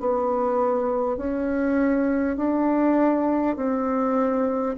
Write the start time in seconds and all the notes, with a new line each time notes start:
0.00 B3
1.17 C#4
2.37 D4
3.56 C4